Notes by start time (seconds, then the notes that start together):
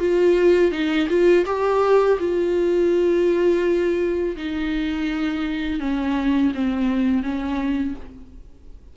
0.00 F4
0.72 D#4
1.10 F4
1.46 G4
2.20 F4
4.37 D#4
5.81 C#4
6.55 C4
7.23 C#4